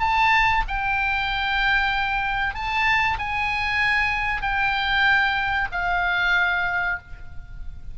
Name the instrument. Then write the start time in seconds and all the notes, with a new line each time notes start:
oboe
0.00 A5
0.68 G5
2.55 A5
3.19 G#5
4.42 G5
5.72 F5